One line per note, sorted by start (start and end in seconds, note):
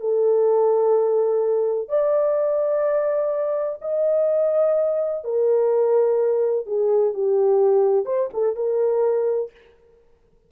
0.00 1.88 A4
1.88 3.79 D5
3.81 5.24 D#5
5.24 6.66 A#4
6.66 7.14 G#4
7.14 8.05 G4
8.05 8.29 C5
8.33 8.56 A4
8.56 9.51 A#4